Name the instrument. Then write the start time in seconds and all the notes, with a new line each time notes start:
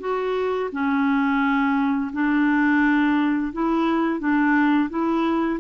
clarinet
0.00 F#4
0.72 C#4
2.13 D4
3.53 E4
4.20 D4
4.90 E4